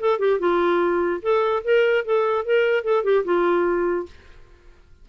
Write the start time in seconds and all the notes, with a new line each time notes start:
0.00 A4
0.19 G4
0.39 F4
1.22 A4
1.64 A#4
2.05 A4
2.45 A#4
2.84 A4
3.03 G4
3.24 F4